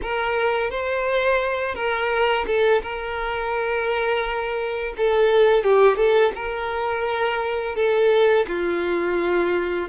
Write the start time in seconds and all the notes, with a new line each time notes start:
0.02 A#4
0.70 C5
1.75 A#4
2.46 A4
2.82 A#4
4.97 A4
5.63 G4
5.96 A4
6.35 A#4
7.75 A4
8.47 F4